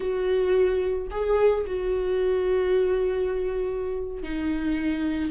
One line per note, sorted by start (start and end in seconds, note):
0.00 1.08 F#4
1.11 1.65 G#4
1.66 4.22 F#4
4.22 5.31 D#4